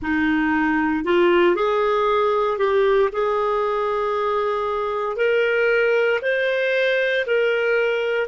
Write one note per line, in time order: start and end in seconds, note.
0.02 1.04 D#4
1.04 1.55 F4
1.55 2.58 G#4
2.58 3.09 G4
3.12 5.16 G#4
5.16 6.19 A#4
6.22 7.25 C5
7.26 8.27 A#4